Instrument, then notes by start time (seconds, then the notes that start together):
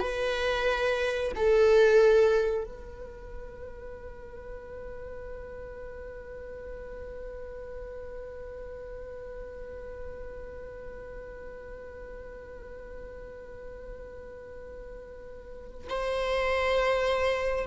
viola
0.00 B4
1.36 A4
2.65 B4
15.90 C5